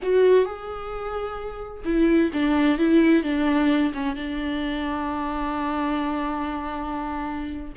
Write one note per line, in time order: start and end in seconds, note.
0.02 0.45 F#4
0.45 1.83 G#4
1.84 2.31 E4
2.33 2.78 D4
2.78 3.23 E4
3.23 3.92 D4
3.94 4.15 C#4
4.15 7.73 D4